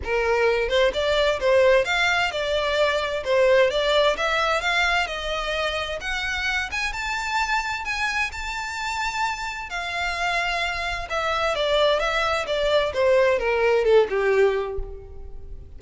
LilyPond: \new Staff \with { instrumentName = "violin" } { \time 4/4 \tempo 4 = 130 ais'4. c''8 d''4 c''4 | f''4 d''2 c''4 | d''4 e''4 f''4 dis''4~ | dis''4 fis''4. gis''8 a''4~ |
a''4 gis''4 a''2~ | a''4 f''2. | e''4 d''4 e''4 d''4 | c''4 ais'4 a'8 g'4. | }